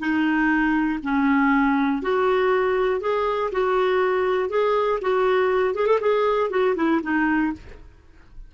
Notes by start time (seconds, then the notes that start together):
0.00 D#4
1.03 C#4
2.03 F#4
3.01 G#4
3.52 F#4
4.50 G#4
5.02 F#4
5.75 G#4
5.87 A4
6.01 G#4
6.50 F#4
6.76 E4
7.03 D#4